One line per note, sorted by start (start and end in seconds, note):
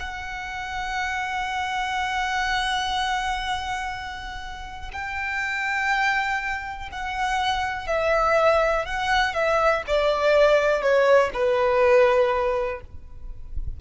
0.00 4.92 F#5
4.93 6.89 G5
6.92 7.87 F#5
7.87 8.86 E5
8.86 9.34 F#5
9.34 9.83 E5
9.87 10.82 D5
10.82 11.31 C#5
11.33 12.81 B4